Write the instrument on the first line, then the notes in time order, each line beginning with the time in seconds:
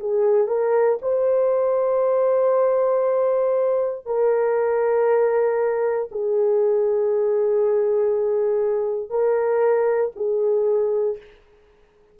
horn
0.00 G#4
0.47 A#4
1.02 C5
4.06 A#4
6.12 G#4
9.10 A#4
10.16 G#4